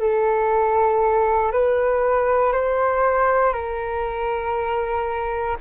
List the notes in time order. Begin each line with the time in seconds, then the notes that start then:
0.00 A4
1.52 B4
2.53 C5
3.54 A#4